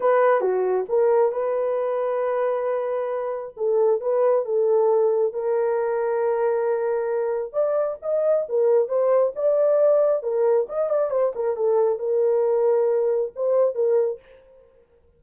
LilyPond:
\new Staff \with { instrumentName = "horn" } { \time 4/4 \tempo 4 = 135 b'4 fis'4 ais'4 b'4~ | b'1 | a'4 b'4 a'2 | ais'1~ |
ais'4 d''4 dis''4 ais'4 | c''4 d''2 ais'4 | dis''8 d''8 c''8 ais'8 a'4 ais'4~ | ais'2 c''4 ais'4 | }